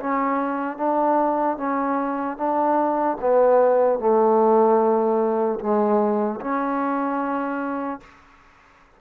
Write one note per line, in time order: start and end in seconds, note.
0.00 0.77 C#4
0.77 1.57 D4
1.57 2.37 C#4
2.37 3.17 D4
3.21 3.99 B3
3.99 5.59 A3
5.60 6.40 G#3
6.40 8.00 C#4